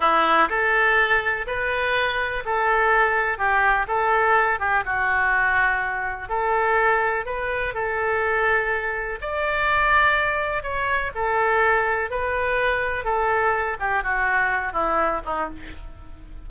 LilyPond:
\new Staff \with { instrumentName = "oboe" } { \time 4/4 \tempo 4 = 124 e'4 a'2 b'4~ | b'4 a'2 g'4 | a'4. g'8 fis'2~ | fis'4 a'2 b'4 |
a'2. d''4~ | d''2 cis''4 a'4~ | a'4 b'2 a'4~ | a'8 g'8 fis'4. e'4 dis'8 | }